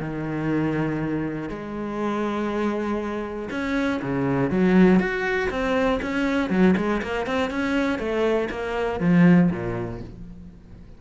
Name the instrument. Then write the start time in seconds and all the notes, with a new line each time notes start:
cello
0.00 D#3
1.49 G#3
3.50 C#4
4.02 C#3
4.50 F#3
4.99 F#4
5.50 C4
6.02 C#4
6.50 F#3
6.77 G#3
7.02 A#3
7.26 C4
7.50 C#4
7.99 A3
8.50 A#3
9.00 F3
9.51 A#2